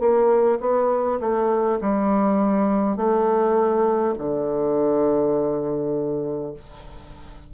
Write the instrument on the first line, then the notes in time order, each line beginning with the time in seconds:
bassoon
0.00 A#3
0.60 B3
1.20 A3
1.81 G3
2.97 A3
4.18 D3